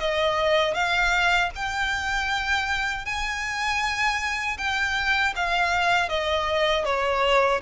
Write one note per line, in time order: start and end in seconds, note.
0.00 0.74 D#5
0.74 1.50 F5
1.55 3.06 G5
3.06 4.57 G#5
4.58 5.34 G5
5.36 6.09 F5
6.09 6.85 D#5
6.85 7.61 C#5